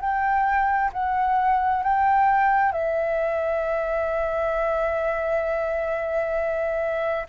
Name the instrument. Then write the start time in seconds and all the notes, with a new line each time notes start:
flute
0.00 G5
0.93 F#5
1.83 G5
2.71 E5